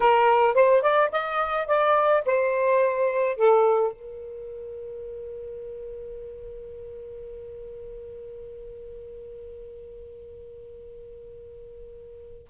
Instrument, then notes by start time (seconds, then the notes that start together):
saxophone
0.00 A#4
0.54 C5
0.81 D5
1.11 D#5
1.67 D5
2.25 C5
3.36 A4
3.92 A#4